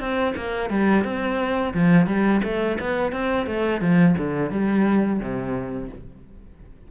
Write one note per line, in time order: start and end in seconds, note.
0.00 0.34 C4
0.36 0.70 A#3
0.70 1.04 G3
1.04 1.73 C4
1.74 2.07 F3
2.07 2.41 G3
2.44 2.78 A3
2.80 3.12 B3
3.12 3.47 C4
3.47 3.81 A3
3.81 4.15 F3
4.18 4.51 D3
4.51 5.20 G3
5.20 5.89 C3